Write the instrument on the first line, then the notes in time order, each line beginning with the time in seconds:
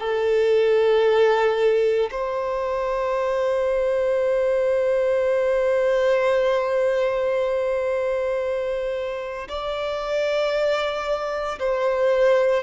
violin
0.00 A4
2.11 C5
9.49 D5
11.60 C5